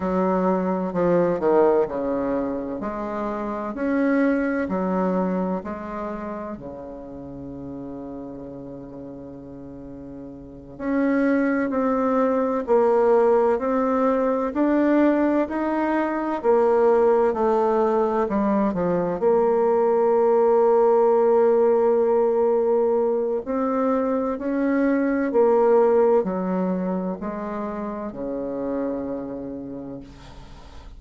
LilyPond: \new Staff \with { instrumentName = "bassoon" } { \time 4/4 \tempo 4 = 64 fis4 f8 dis8 cis4 gis4 | cis'4 fis4 gis4 cis4~ | cis2.~ cis8 cis'8~ | cis'8 c'4 ais4 c'4 d'8~ |
d'8 dis'4 ais4 a4 g8 | f8 ais2.~ ais8~ | ais4 c'4 cis'4 ais4 | fis4 gis4 cis2 | }